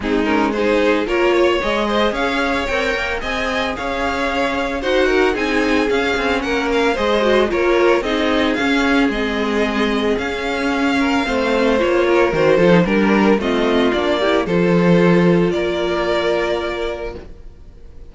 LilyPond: <<
  \new Staff \with { instrumentName = "violin" } { \time 4/4 \tempo 4 = 112 gis'8 ais'8 c''4 cis''4 dis''4 | f''4 g''4 gis''4 f''4~ | f''4 fis''4 gis''4 f''4 | fis''8 f''8 dis''4 cis''4 dis''4 |
f''4 dis''2 f''4~ | f''2 cis''4 c''4 | ais'4 dis''4 d''4 c''4~ | c''4 d''2. | }
  \new Staff \with { instrumentName = "violin" } { \time 4/4 dis'4 gis'4 ais'8 cis''4 c''8 | cis''2 dis''4 cis''4~ | cis''4 c''8 ais'8 gis'2 | ais'4 c''4 ais'4 gis'4~ |
gis'1~ | gis'8 ais'8 c''4. ais'4 a'8 | ais'4 f'4. g'8 a'4~ | a'4 ais'2. | }
  \new Staff \with { instrumentName = "viola" } { \time 4/4 c'8 cis'8 dis'4 f'4 gis'4~ | gis'4 ais'4 gis'2~ | gis'4 fis'4 dis'4 cis'4~ | cis'4 gis'8 fis'8 f'4 dis'4 |
cis'4 c'2 cis'4~ | cis'4 c'4 f'4 fis'8 f'16 dis'16 | d'4 c'4 d'8 e'8 f'4~ | f'1 | }
  \new Staff \with { instrumentName = "cello" } { \time 4/4 gis2 ais4 gis4 | cis'4 c'8 ais8 c'4 cis'4~ | cis'4 dis'4 c'4 cis'8 c'8 | ais4 gis4 ais4 c'4 |
cis'4 gis2 cis'4~ | cis'4 a4 ais4 dis8 f8 | g4 a4 ais4 f4~ | f4 ais2. | }
>>